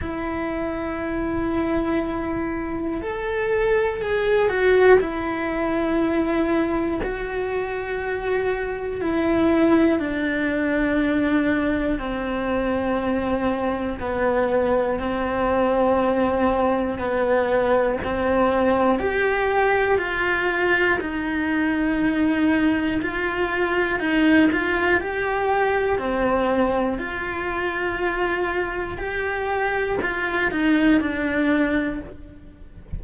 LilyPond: \new Staff \with { instrumentName = "cello" } { \time 4/4 \tempo 4 = 60 e'2. a'4 | gis'8 fis'8 e'2 fis'4~ | fis'4 e'4 d'2 | c'2 b4 c'4~ |
c'4 b4 c'4 g'4 | f'4 dis'2 f'4 | dis'8 f'8 g'4 c'4 f'4~ | f'4 g'4 f'8 dis'8 d'4 | }